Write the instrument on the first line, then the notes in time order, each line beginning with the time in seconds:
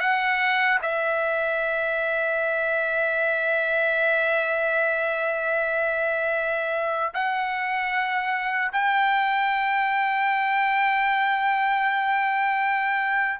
trumpet
0.00 F#5
0.82 E5
7.14 F#5
8.72 G5